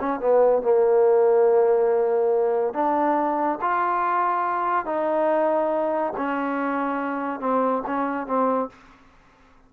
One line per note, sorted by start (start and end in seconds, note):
0.00 0.20 C#4
0.20 0.63 B3
0.63 2.74 A#3
2.74 3.59 D4
3.62 4.86 F4
4.86 6.14 D#4
6.17 7.40 C#4
7.40 7.83 C4
7.86 8.27 C#4
8.27 8.70 C4